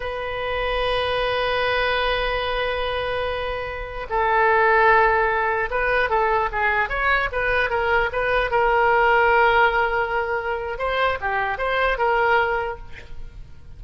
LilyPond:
\new Staff \with { instrumentName = "oboe" } { \time 4/4 \tempo 4 = 150 b'1~ | b'1~ | b'2~ b'16 a'4.~ a'16~ | a'2~ a'16 b'4 a'8.~ |
a'16 gis'4 cis''4 b'4 ais'8.~ | ais'16 b'4 ais'2~ ais'8.~ | ais'2. c''4 | g'4 c''4 ais'2 | }